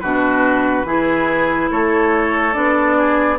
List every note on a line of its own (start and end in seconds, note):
0.00 0.85 B2
0.00 0.86 D4
0.00 0.86 F#4
0.00 1.69 B4
0.85 1.69 E3
0.85 2.53 E4
0.85 1.71 G#4
1.71 2.55 A3
1.71 2.97 A4
1.71 2.53 C#5
2.53 3.39 B3
2.53 3.37 D4
2.53 3.38 D5
2.97 3.39 G#4